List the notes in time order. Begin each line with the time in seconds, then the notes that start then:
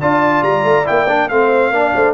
0.00 D4 F4 D5 A5
0.42 G3 A#5
0.64 A3
0.85 A#3 E4 G5
1.09 D4
1.29 A3 C4 C5 F5
1.71 A#3 D4 D5
1.95 A3 C5